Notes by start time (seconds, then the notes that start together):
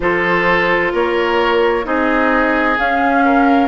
0.00 F3 F4 A4 C5
0.92 A#3 A#4 C#5
1.83 C4 D#4 G#4 D#5
2.78 C#4 F5
3.24 A#4